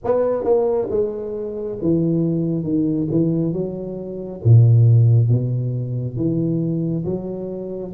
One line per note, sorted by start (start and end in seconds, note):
0.04 0.44 B3
0.44 0.88 A#3
0.90 1.78 G#3
1.81 2.63 E3
2.63 3.07 D#3
3.10 3.52 E3
3.52 4.40 F#3
4.44 5.28 A#2
5.28 6.16 B2
6.16 7.04 E3
7.04 7.93 F#3